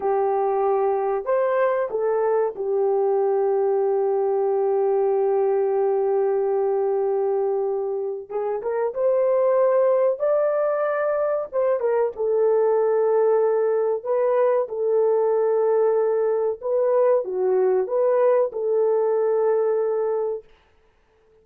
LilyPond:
\new Staff \with { instrumentName = "horn" } { \time 4/4 \tempo 4 = 94 g'2 c''4 a'4 | g'1~ | g'1~ | g'4 gis'8 ais'8 c''2 |
d''2 c''8 ais'8 a'4~ | a'2 b'4 a'4~ | a'2 b'4 fis'4 | b'4 a'2. | }